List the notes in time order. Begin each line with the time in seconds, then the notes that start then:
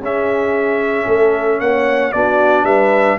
0.00 C#4 G#4 E5
1.06 A3 A4
1.59 A#3 C#5 F#5
2.12 B3 D4 F#4 D5
2.63 G3 B4 E5